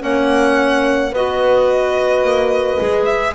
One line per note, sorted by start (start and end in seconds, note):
0.00 1.13 A#3
0.00 1.11 C#4
0.00 1.13 C#5
0.00 1.15 F#5
1.13 2.24 B3
1.13 2.80 F#4
1.13 3.35 B4
1.13 3.06 D#5
2.24 2.79 A#3
2.80 3.35 G#3
2.80 3.35 G#4
3.06 3.34 E5